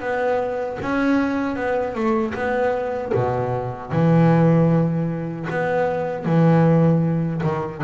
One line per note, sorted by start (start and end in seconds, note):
0.00 0.78 B3
0.81 1.56 C#4
1.56 1.94 B3
1.94 2.33 A3
2.34 3.12 B3
3.14 3.92 B2
3.92 5.48 E3
5.50 6.25 B3
6.25 7.42 E3
7.43 7.82 D#3